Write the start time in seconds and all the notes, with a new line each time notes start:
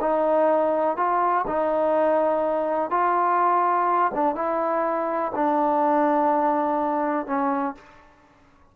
0.00 D#4
0.97 F4
1.47 D#4
2.90 F4
4.14 D4
4.35 E4
5.35 D4
7.26 C#4